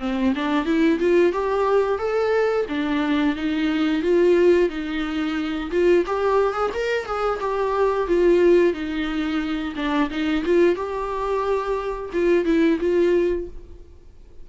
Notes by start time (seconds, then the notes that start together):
0.00 C4
0.35 D4
0.66 E4
1.00 F4
1.33 G4
1.99 A4
2.69 D4
3.36 D#4
4.02 F4
4.70 D#4
5.71 F4
6.06 G4
6.54 G#4
6.74 A#4
7.06 G#4
7.40 G4
8.07 F4
8.73 D#4
9.76 D4
10.10 D#4
10.45 F4
10.75 G4
12.13 F4
12.45 E4
12.80 F4